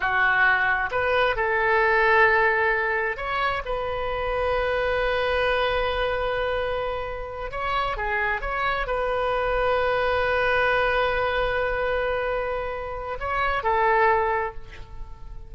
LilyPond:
\new Staff \with { instrumentName = "oboe" } { \time 4/4 \tempo 4 = 132 fis'2 b'4 a'4~ | a'2. cis''4 | b'1~ | b'1~ |
b'8 cis''4 gis'4 cis''4 b'8~ | b'1~ | b'1~ | b'4 cis''4 a'2 | }